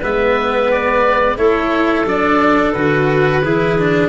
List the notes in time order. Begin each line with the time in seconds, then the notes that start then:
0.00 G#3 B3 B4 E5
0.71 D5
1.37 A3 E4 A4 C#5
2.04 F#3 D4 D5
2.72 D3 F#4 B4
3.42 E3 E4 G#4
3.78 D4